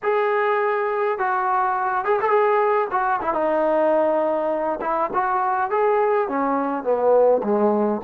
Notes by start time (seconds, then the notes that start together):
0.02 G#4
1.18 F#4
2.04 G#4
2.21 A4
2.29 G#4
2.91 F#4
3.21 E4
3.33 D#4
4.81 E4
5.13 F#4
5.70 G#4
6.28 C#4
6.83 B3
7.43 G#3